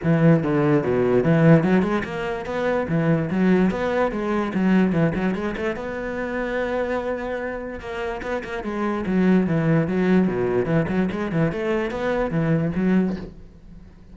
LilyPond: \new Staff \with { instrumentName = "cello" } { \time 4/4 \tempo 4 = 146 e4 d4 b,4 e4 | fis8 gis8 ais4 b4 e4 | fis4 b4 gis4 fis4 | e8 fis8 gis8 a8 b2~ |
b2. ais4 | b8 ais8 gis4 fis4 e4 | fis4 b,4 e8 fis8 gis8 e8 | a4 b4 e4 fis4 | }